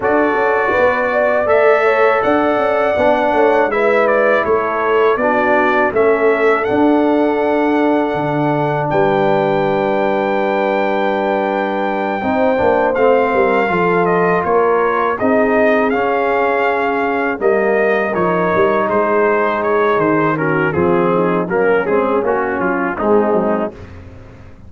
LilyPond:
<<
  \new Staff \with { instrumentName = "trumpet" } { \time 4/4 \tempo 4 = 81 d''2 e''4 fis''4~ | fis''4 e''8 d''8 cis''4 d''4 | e''4 fis''2. | g''1~ |
g''4. f''4. dis''8 cis''8~ | cis''8 dis''4 f''2 dis''8~ | dis''8 cis''4 c''4 cis''8 c''8 ais'8 | gis'4 ais'8 gis'8 fis'8 f'8 dis'4 | }
  \new Staff \with { instrumentName = "horn" } { \time 4/4 a'4 b'8 d''4 cis''8 d''4~ | d''8 cis''8 b'4 a'4 fis'4 | a'1 | b'1~ |
b'8 c''4. ais'8 a'4 ais'8~ | ais'8 gis'2. ais'8~ | ais'4. gis'2 fis'8 | f'8 dis'8 cis'2 c'4 | }
  \new Staff \with { instrumentName = "trombone" } { \time 4/4 fis'2 a'2 | d'4 e'2 d'4 | cis'4 d'2.~ | d'1~ |
d'8 dis'8 d'8 c'4 f'4.~ | f'8 dis'4 cis'2 ais8~ | ais8 dis'2. cis'8 | c'4 ais8 c'8 cis'4 gis4 | }
  \new Staff \with { instrumentName = "tuba" } { \time 4/4 d'8 cis'8 b4 a4 d'8 cis'8 | b8 a8 gis4 a4 b4 | a4 d'2 d4 | g1~ |
g8 c'8 ais8 a8 g8 f4 ais8~ | ais8 c'4 cis'2 g8~ | g8 f8 g8 gis4. dis4 | f4 fis8 gis8 ais8 fis8 gis8 fis8 | }
>>